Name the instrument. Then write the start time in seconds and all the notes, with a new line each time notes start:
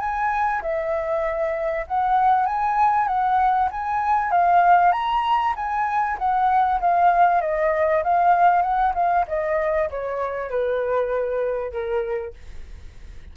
flute
0.00 G#5
0.62 E5
1.88 F#5
2.46 G#5
3.08 F#5
3.72 G#5
4.32 F5
4.92 A#5
5.56 G#5
6.19 F#5
6.81 F5
7.41 D#5
8.04 F5
8.62 F#5
8.95 F5
9.28 D#5
9.90 C#5
10.50 B4
11.72 A#4